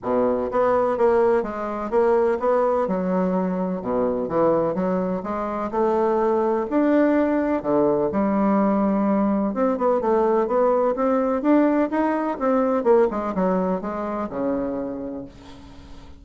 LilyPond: \new Staff \with { instrumentName = "bassoon" } { \time 4/4 \tempo 4 = 126 b,4 b4 ais4 gis4 | ais4 b4 fis2 | b,4 e4 fis4 gis4 | a2 d'2 |
d4 g2. | c'8 b8 a4 b4 c'4 | d'4 dis'4 c'4 ais8 gis8 | fis4 gis4 cis2 | }